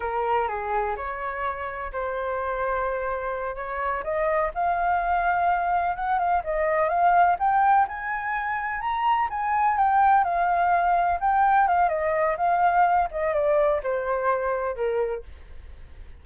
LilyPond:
\new Staff \with { instrumentName = "flute" } { \time 4/4 \tempo 4 = 126 ais'4 gis'4 cis''2 | c''2.~ c''8 cis''8~ | cis''8 dis''4 f''2~ f''8~ | f''8 fis''8 f''8 dis''4 f''4 g''8~ |
g''8 gis''2 ais''4 gis''8~ | gis''8 g''4 f''2 g''8~ | g''8 f''8 dis''4 f''4. dis''8 | d''4 c''2 ais'4 | }